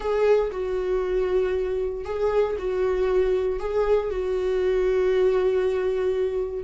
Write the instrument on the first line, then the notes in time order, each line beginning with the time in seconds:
viola
0.00 G#4
0.51 F#4
2.05 G#4
2.58 F#4
3.59 G#4
4.10 F#4